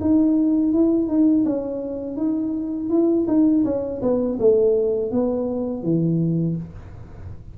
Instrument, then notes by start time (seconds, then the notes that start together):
tuba
0.00 D#4
0.72 E4
1.07 D#4
1.45 C#4
2.16 D#4
2.89 E4
3.27 D#4
3.64 C#4
4.01 B3
4.39 A3
5.11 B3
5.83 E3